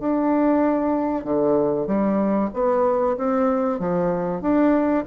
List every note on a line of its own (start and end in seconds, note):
0.00 1.25 D4
1.25 1.87 D3
1.87 2.50 G3
2.54 3.17 B3
3.18 3.80 C4
3.80 4.42 F3
4.42 5.05 D4